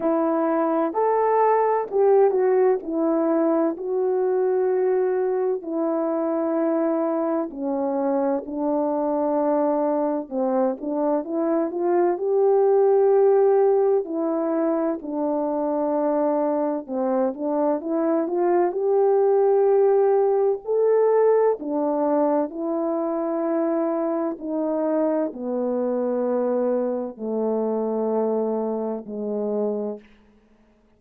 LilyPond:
\new Staff \with { instrumentName = "horn" } { \time 4/4 \tempo 4 = 64 e'4 a'4 g'8 fis'8 e'4 | fis'2 e'2 | cis'4 d'2 c'8 d'8 | e'8 f'8 g'2 e'4 |
d'2 c'8 d'8 e'8 f'8 | g'2 a'4 d'4 | e'2 dis'4 b4~ | b4 a2 gis4 | }